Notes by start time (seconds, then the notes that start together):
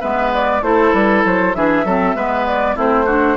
0.00 G#3 B3 B4 E5
0.34 D5
0.61 A3 E4 A4 C5
0.93 G3 B4
1.24 F#3 C5
1.54 E3 D4 G#4 E5
1.85 F#3 C4 A4
2.14 G#3 B3 B4
2.46 D5
2.75 A3 C4 E4 C5
3.05 D4 F#4